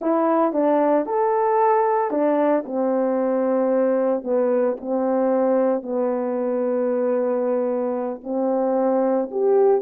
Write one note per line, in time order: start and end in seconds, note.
0.01 0.52 E4
0.52 1.05 D4
1.06 2.10 A4
2.10 2.64 D4
2.65 4.23 C4
4.23 4.76 B3
4.80 5.82 C4
5.82 8.21 B3
8.23 9.29 C4
9.31 9.81 G4